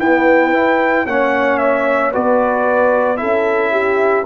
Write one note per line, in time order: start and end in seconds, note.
0.00 0.54 B3
0.00 1.06 E4
0.00 1.07 B4
0.00 1.07 G5
0.54 1.07 E4
1.06 2.13 A#3
1.06 2.13 C#4
1.06 2.12 C#5
1.06 1.58 F#5
1.58 2.12 E5
2.12 3.22 B3
2.12 3.17 F#4
2.12 3.19 B4
2.12 3.17 D5
3.17 4.26 C#4
3.17 4.24 E4
3.17 3.72 A4
3.17 4.25 E5
3.72 4.25 G4